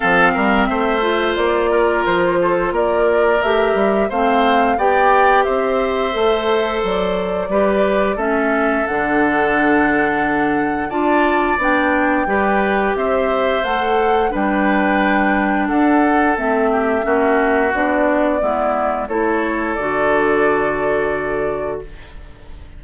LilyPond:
<<
  \new Staff \with { instrumentName = "flute" } { \time 4/4 \tempo 4 = 88 f''4 e''4 d''4 c''4 | d''4 e''4 f''4 g''4 | e''2 d''2 | e''4 fis''2. |
a''4 g''2 e''4 | fis''4 g''2 fis''4 | e''2 d''2 | cis''4 d''2. | }
  \new Staff \with { instrumentName = "oboe" } { \time 4/4 a'8 ais'8 c''4. ais'4 a'8 | ais'2 c''4 d''4 | c''2. b'4 | a'1 |
d''2 b'4 c''4~ | c''4 b'2 a'4~ | a'8 g'8 fis'2 e'4 | a'1 | }
  \new Staff \with { instrumentName = "clarinet" } { \time 4/4 c'4. f'2~ f'8~ | f'4 g'4 c'4 g'4~ | g'4 a'2 g'4 | cis'4 d'2. |
f'4 d'4 g'2 | a'4 d'2. | c'4 cis'4 d'4 b4 | e'4 fis'2. | }
  \new Staff \with { instrumentName = "bassoon" } { \time 4/4 f8 g8 a4 ais4 f4 | ais4 a8 g8 a4 b4 | c'4 a4 fis4 g4 | a4 d2. |
d'4 b4 g4 c'4 | a4 g2 d'4 | a4 ais4 b4 gis4 | a4 d2. | }
>>